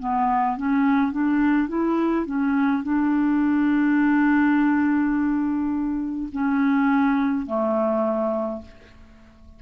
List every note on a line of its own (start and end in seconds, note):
0.00 0.58 B3
0.58 1.12 C#4
1.12 1.69 D4
1.69 2.27 E4
2.27 2.83 C#4
2.83 6.29 D4
6.33 7.47 C#4
7.47 8.62 A3